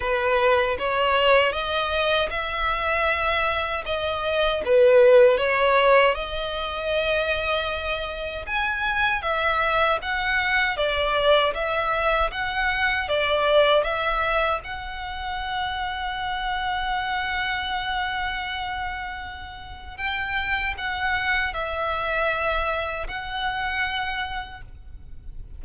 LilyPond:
\new Staff \with { instrumentName = "violin" } { \time 4/4 \tempo 4 = 78 b'4 cis''4 dis''4 e''4~ | e''4 dis''4 b'4 cis''4 | dis''2. gis''4 | e''4 fis''4 d''4 e''4 |
fis''4 d''4 e''4 fis''4~ | fis''1~ | fis''2 g''4 fis''4 | e''2 fis''2 | }